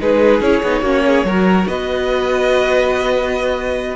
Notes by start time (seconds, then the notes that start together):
0.00 G#3 D#4 G#4 B4
0.41 C#4 E4 C#5
0.63 B3 D#4
0.82 A#3 C#4 F#4
1.06 G#4
1.25 F#3 F#4 A#4
1.68 B3 B4 D#5